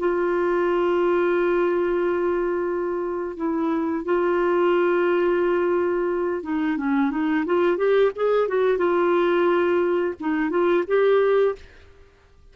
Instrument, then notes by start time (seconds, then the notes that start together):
clarinet
0.00 F4
3.37 E4
4.05 F4
6.43 D#4
6.77 C#4
7.12 D#4
7.46 F4
7.78 G4
8.16 G#4
8.49 F#4
8.78 F4
10.20 D#4
10.51 F4
10.87 G4